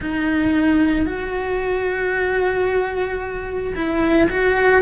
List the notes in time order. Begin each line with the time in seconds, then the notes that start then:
0.00 D#4
1.06 F#4
3.75 E4
4.30 F#4